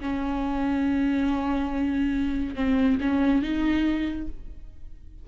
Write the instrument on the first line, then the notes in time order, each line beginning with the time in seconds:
viola
0.00 C#4
2.55 C4
3.00 C#4
3.42 D#4